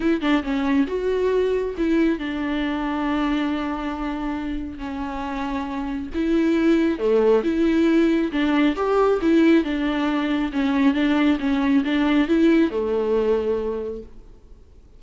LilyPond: \new Staff \with { instrumentName = "viola" } { \time 4/4 \tempo 4 = 137 e'8 d'8 cis'4 fis'2 | e'4 d'2.~ | d'2. cis'4~ | cis'2 e'2 |
a4 e'2 d'4 | g'4 e'4 d'2 | cis'4 d'4 cis'4 d'4 | e'4 a2. | }